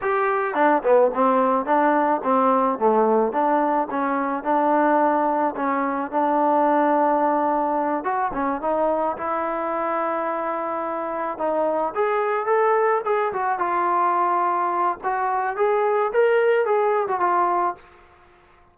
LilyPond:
\new Staff \with { instrumentName = "trombone" } { \time 4/4 \tempo 4 = 108 g'4 d'8 b8 c'4 d'4 | c'4 a4 d'4 cis'4 | d'2 cis'4 d'4~ | d'2~ d'8 fis'8 cis'8 dis'8~ |
dis'8 e'2.~ e'8~ | e'8 dis'4 gis'4 a'4 gis'8 | fis'8 f'2~ f'8 fis'4 | gis'4 ais'4 gis'8. fis'16 f'4 | }